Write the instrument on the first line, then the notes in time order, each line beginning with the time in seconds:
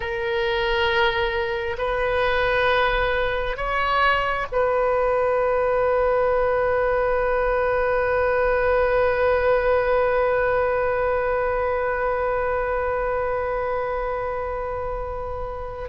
oboe
0.00 A#4
1.78 B4
3.57 C#5
4.51 B4